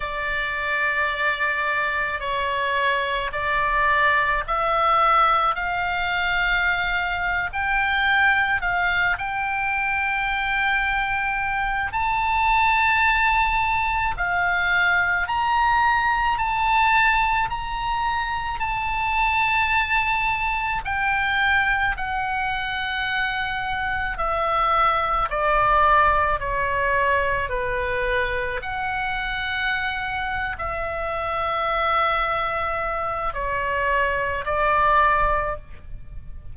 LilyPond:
\new Staff \with { instrumentName = "oboe" } { \time 4/4 \tempo 4 = 54 d''2 cis''4 d''4 | e''4 f''4.~ f''16 g''4 f''16~ | f''16 g''2~ g''8 a''4~ a''16~ | a''8. f''4 ais''4 a''4 ais''16~ |
ais''8. a''2 g''4 fis''16~ | fis''4.~ fis''16 e''4 d''4 cis''16~ | cis''8. b'4 fis''4.~ fis''16 e''8~ | e''2 cis''4 d''4 | }